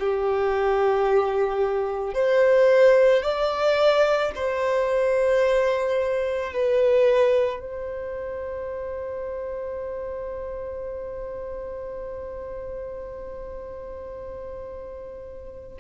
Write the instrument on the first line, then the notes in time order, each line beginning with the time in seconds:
violin
0.00 G4
2.14 C5
3.23 D5
4.35 C5
6.53 B4
7.60 C5